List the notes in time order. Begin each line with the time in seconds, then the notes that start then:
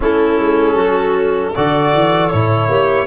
0.00 A3 C#4 E4 A4
0.38 G#3
0.74 F#3 F#4
1.54 D3 F#4 A4 D5
1.93 E3
2.30 A2 E4 C#5
2.68 A#3 G4